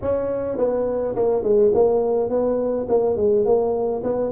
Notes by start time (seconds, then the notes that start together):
0.01 C#4
0.57 B3
1.15 A#3
1.43 G#3
1.74 A#3
2.29 B3
2.88 A#3
3.16 G#3
3.45 A#3
4.03 B3